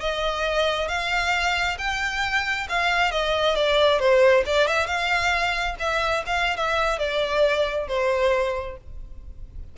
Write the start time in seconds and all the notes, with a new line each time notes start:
0.00 D#5
0.88 F5
1.78 G5
2.68 F5
3.11 D#5
3.55 D5
3.99 C5
4.46 D5
4.67 E5
4.86 F5
5.79 E5
6.26 F5
6.56 E5
6.98 D5
7.88 C5